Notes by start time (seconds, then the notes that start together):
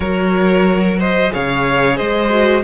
0.00 F#3 F#4 A#4 C#5
0.98 C5 D#5
1.29 C#3 G#4 C#5 F5
1.96 G#3 C5 D#5
2.29 F#4